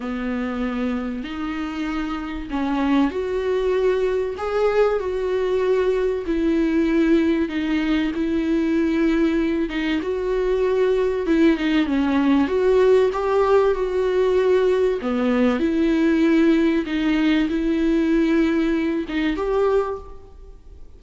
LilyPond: \new Staff \with { instrumentName = "viola" } { \time 4/4 \tempo 4 = 96 b2 dis'2 | cis'4 fis'2 gis'4 | fis'2 e'2 | dis'4 e'2~ e'8 dis'8 |
fis'2 e'8 dis'8 cis'4 | fis'4 g'4 fis'2 | b4 e'2 dis'4 | e'2~ e'8 dis'8 g'4 | }